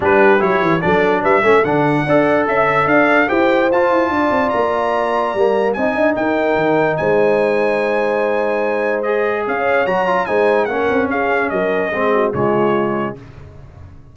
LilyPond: <<
  \new Staff \with { instrumentName = "trumpet" } { \time 4/4 \tempo 4 = 146 b'4 cis''4 d''4 e''4 | fis''2 e''4 f''4 | g''4 a''2 ais''4~ | ais''2 gis''4 g''4~ |
g''4 gis''2.~ | gis''2 dis''4 f''4 | ais''4 gis''4 fis''4 f''4 | dis''2 cis''2 | }
  \new Staff \with { instrumentName = "horn" } { \time 4/4 g'2 a'4 b'8 a'8~ | a'4 d''4 e''4 d''4 | c''2 d''2~ | d''2 dis''4 ais'4~ |
ais'4 c''2.~ | c''2. cis''4~ | cis''4 c''4 ais'4 gis'4 | ais'4 gis'8 fis'8 f'2 | }
  \new Staff \with { instrumentName = "trombone" } { \time 4/4 d'4 e'4 d'4. cis'8 | d'4 a'2. | g'4 f'2.~ | f'4 ais4 dis'2~ |
dis'1~ | dis'2 gis'2 | fis'8 f'8 dis'4 cis'2~ | cis'4 c'4 gis2 | }
  \new Staff \with { instrumentName = "tuba" } { \time 4/4 g4 fis8 e8 fis4 g8 a8 | d4 d'4 cis'4 d'4 | e'4 f'8 e'8 d'8 c'8 ais4~ | ais4 g4 c'8 d'8 dis'4 |
dis4 gis2.~ | gis2. cis'4 | fis4 gis4 ais8 c'8 cis'4 | fis4 gis4 cis2 | }
>>